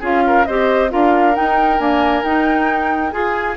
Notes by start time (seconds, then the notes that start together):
0.00 C#4 F4 G#4 F5
0.27 A#4
0.45 C4 G4 C5 D#5
0.89 D4 F4 A#4 F5
1.34 D#4 G5
1.79 A#3 D4 G#5
2.23 D#4 G5
3.11 F4 G#4 G#5